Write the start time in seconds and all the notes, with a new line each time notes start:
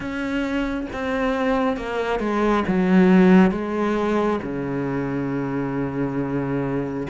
0.00 C#4
0.92 C4
1.76 A#3
2.19 G#3
2.67 F#3
3.51 G#3
4.42 C#3